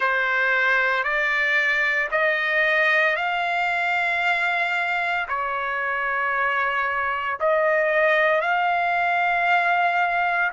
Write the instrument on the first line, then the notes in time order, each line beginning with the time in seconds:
trumpet
0.00 C5
1.03 D5
2.11 D#5
3.16 F5
5.28 C#5
7.40 D#5
8.41 F5